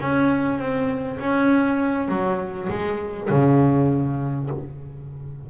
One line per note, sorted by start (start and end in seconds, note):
0.00 0.58 C#4
0.58 1.18 C4
1.19 2.08 C#4
2.08 2.68 F#3
2.69 3.29 G#3
3.30 4.50 C#3